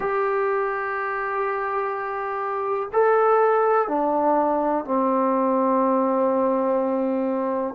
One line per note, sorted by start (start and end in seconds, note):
0.00 2.89 G4
2.93 3.88 A4
3.88 4.84 D4
4.84 7.74 C4